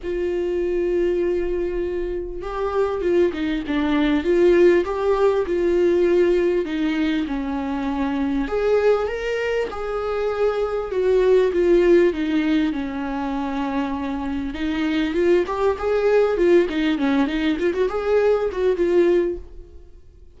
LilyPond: \new Staff \with { instrumentName = "viola" } { \time 4/4 \tempo 4 = 99 f'1 | g'4 f'8 dis'8 d'4 f'4 | g'4 f'2 dis'4 | cis'2 gis'4 ais'4 |
gis'2 fis'4 f'4 | dis'4 cis'2. | dis'4 f'8 g'8 gis'4 f'8 dis'8 | cis'8 dis'8 f'16 fis'16 gis'4 fis'8 f'4 | }